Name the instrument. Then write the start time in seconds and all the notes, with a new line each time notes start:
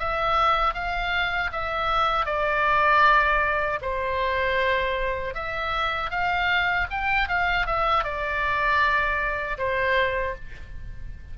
oboe
0.00 E5
0.74 F5
1.52 E5
2.26 D5
3.82 C5
5.35 E5
6.11 F5
6.91 G5
7.29 F5
7.67 E5
8.04 D5
9.58 C5